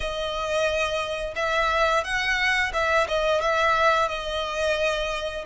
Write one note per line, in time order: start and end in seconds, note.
0.00 1.34 D#5
1.35 2.03 E5
2.03 2.71 F#5
2.73 3.07 E5
3.08 3.41 D#5
3.41 4.08 E5
4.08 5.44 D#5